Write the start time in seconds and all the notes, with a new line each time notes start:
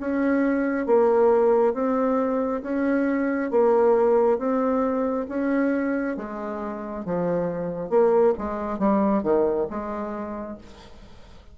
0.00 C#4
0.86 A#3
1.74 C4
2.63 C#4
3.51 A#3
4.38 C4
5.29 C#4
6.17 G#3
7.05 F3
7.90 A#3
8.38 G#3
8.79 G3
9.23 D#3
9.70 G#3